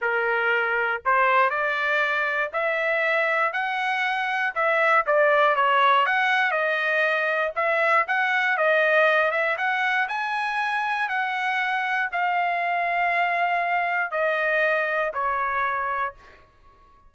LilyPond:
\new Staff \with { instrumentName = "trumpet" } { \time 4/4 \tempo 4 = 119 ais'2 c''4 d''4~ | d''4 e''2 fis''4~ | fis''4 e''4 d''4 cis''4 | fis''4 dis''2 e''4 |
fis''4 dis''4. e''8 fis''4 | gis''2 fis''2 | f''1 | dis''2 cis''2 | }